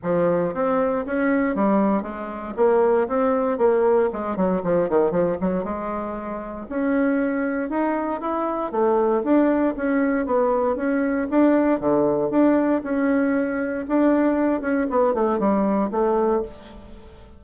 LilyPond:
\new Staff \with { instrumentName = "bassoon" } { \time 4/4 \tempo 4 = 117 f4 c'4 cis'4 g4 | gis4 ais4 c'4 ais4 | gis8 fis8 f8 dis8 f8 fis8 gis4~ | gis4 cis'2 dis'4 |
e'4 a4 d'4 cis'4 | b4 cis'4 d'4 d4 | d'4 cis'2 d'4~ | d'8 cis'8 b8 a8 g4 a4 | }